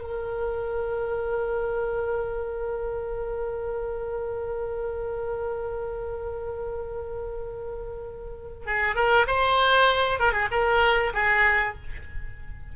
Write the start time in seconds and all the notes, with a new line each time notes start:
0.00 A#4
8.66 G#4
8.95 A#4
9.27 C5
10.19 A#4
10.32 G#4
10.51 A#4
11.14 G#4